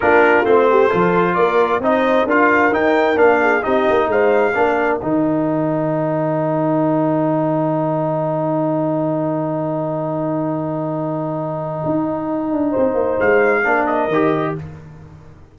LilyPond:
<<
  \new Staff \with { instrumentName = "trumpet" } { \time 4/4 \tempo 4 = 132 ais'4 c''2 d''4 | dis''4 f''4 g''4 f''4 | dis''4 f''2 g''4~ | g''1~ |
g''1~ | g''1~ | g''1~ | g''4 f''4. dis''4. | }
  \new Staff \with { instrumentName = "horn" } { \time 4/4 f'4. g'8 a'4 ais'4 | c''4 ais'2~ ais'8 gis'8 | g'4 c''4 ais'2~ | ais'1~ |
ais'1~ | ais'1~ | ais'1 | c''2 ais'2 | }
  \new Staff \with { instrumentName = "trombone" } { \time 4/4 d'4 c'4 f'2 | dis'4 f'4 dis'4 d'4 | dis'2 d'4 dis'4~ | dis'1~ |
dis'1~ | dis'1~ | dis'1~ | dis'2 d'4 g'4 | }
  \new Staff \with { instrumentName = "tuba" } { \time 4/4 ais4 a4 f4 ais4 | c'4 d'4 dis'4 ais4 | c'8 ais8 gis4 ais4 dis4~ | dis1~ |
dis1~ | dis1~ | dis2 dis'4. d'8 | c'8 ais8 gis4 ais4 dis4 | }
>>